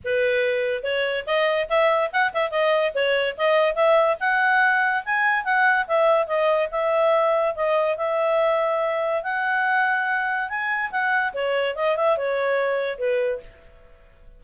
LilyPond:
\new Staff \with { instrumentName = "clarinet" } { \time 4/4 \tempo 4 = 143 b'2 cis''4 dis''4 | e''4 fis''8 e''8 dis''4 cis''4 | dis''4 e''4 fis''2 | gis''4 fis''4 e''4 dis''4 |
e''2 dis''4 e''4~ | e''2 fis''2~ | fis''4 gis''4 fis''4 cis''4 | dis''8 e''8 cis''2 b'4 | }